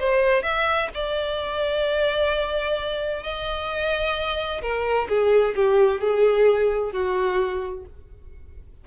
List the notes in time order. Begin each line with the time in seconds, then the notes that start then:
0.00 C5
0.43 E5
0.94 D5
3.23 D#5
4.62 A#4
5.09 G#4
5.56 G4
6.01 G#4
6.93 F#4